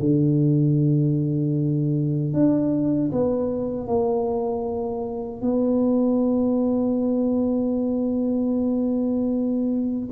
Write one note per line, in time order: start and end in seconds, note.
0.00 2.33 D3
2.33 3.11 D4
3.12 3.87 B3
3.87 5.42 A#3
5.42 10.09 B3